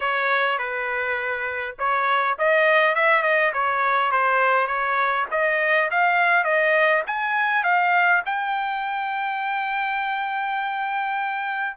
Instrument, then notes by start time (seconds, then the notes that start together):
trumpet
0.00 C#5
0.58 B4
1.78 C#5
2.38 D#5
2.95 E5
3.22 D#5
3.53 C#5
4.11 C5
4.67 C#5
5.31 D#5
5.91 F5
6.44 D#5
7.06 G#5
7.63 F5
8.25 G5